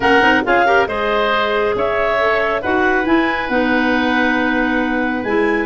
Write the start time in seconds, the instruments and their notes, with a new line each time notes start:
0.00 tuba A#3, clarinet C#4 F#5, oboe A#4
0.21 tuba C4, clarinet D#4
0.44 tuba C#4, clarinet F4 F5, oboe G#4
0.65 clarinet G4, oboe A#4
0.86 tuba G#3, clarinet G#4 D#5, oboe C5
1.75 tuba C#4, oboe C#5, clarinet E5
2.18 clarinet A4
2.61 tuba D#4, clarinet F#4 F#5, oboe B4
3.04 clarinet E4 G#5, tuba E4
3.49 tuba B3, clarinet D#4 F#5
5.23 tuba G#3, clarinet E4 G#5